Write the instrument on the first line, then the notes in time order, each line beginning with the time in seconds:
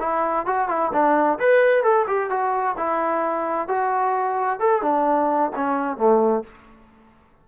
trombone
0.00 E4
0.46 F#4
0.69 E4
0.93 D4
1.40 B4
1.83 A4
2.07 G4
2.30 F#4
2.78 E4
3.68 F#4
4.60 A4
4.82 D4
5.56 C#4
5.98 A3